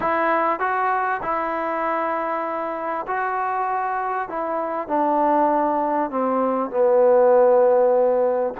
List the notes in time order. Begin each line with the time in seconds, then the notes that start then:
0.00 E4
0.59 F#4
1.22 E4
3.07 F#4
4.29 E4
4.88 D4
6.10 C4
6.70 B3